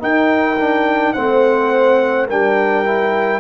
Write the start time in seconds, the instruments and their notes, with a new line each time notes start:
0.00 trombone D#4, tuba D#4, horn A#4, trumpet G5
0.59 trombone D4
1.13 tuba A3, trombone C4, horn C5, trumpet F#5
2.27 tuba G3, trombone D4, horn A#4, trumpet G5
2.84 trombone E4